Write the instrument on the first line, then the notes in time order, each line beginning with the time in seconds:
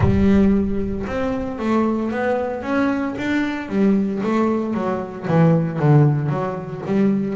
double bass
0.00 G3
1.06 C4
1.58 A3
2.11 B3
2.62 C#4
3.17 D4
3.68 G3
4.23 A3
4.73 F#3
5.27 E3
5.79 D3
6.29 F#3
6.86 G3